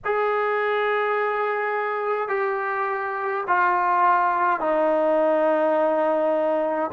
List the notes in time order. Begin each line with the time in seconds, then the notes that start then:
0.05 G#4
2.28 G4
3.47 F4
4.59 D#4